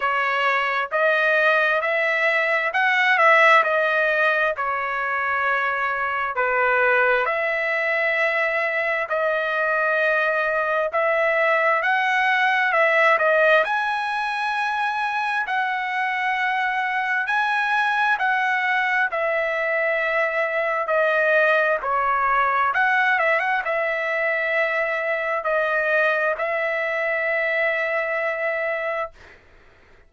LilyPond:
\new Staff \with { instrumentName = "trumpet" } { \time 4/4 \tempo 4 = 66 cis''4 dis''4 e''4 fis''8 e''8 | dis''4 cis''2 b'4 | e''2 dis''2 | e''4 fis''4 e''8 dis''8 gis''4~ |
gis''4 fis''2 gis''4 | fis''4 e''2 dis''4 | cis''4 fis''8 e''16 fis''16 e''2 | dis''4 e''2. | }